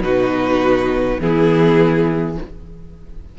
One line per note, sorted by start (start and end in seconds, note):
0.00 1.18 B2
0.00 1.21 D#4
0.00 1.21 F#4
0.00 1.20 B4
1.20 2.38 E3
1.20 2.38 B3
1.20 2.39 E4
1.20 2.38 G#4